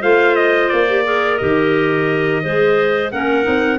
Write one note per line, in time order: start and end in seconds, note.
0.00 0.72 A3
0.00 0.87 F4
0.00 1.03 C5
0.00 0.36 F5
0.36 0.69 D#5
0.69 1.42 A#3
0.69 1.38 D5
0.88 1.04 G4
1.04 1.39 G#4
1.04 2.43 A#4
1.38 2.45 D#3
1.38 2.43 G4
1.38 3.10 D#5
2.43 3.12 G#3
2.43 3.12 G#4
2.43 3.12 C5
3.12 3.47 A#3
3.12 3.43 C#4
3.12 3.79 A#4
3.12 3.79 F#5
3.43 3.79 C4
3.43 3.78 D#4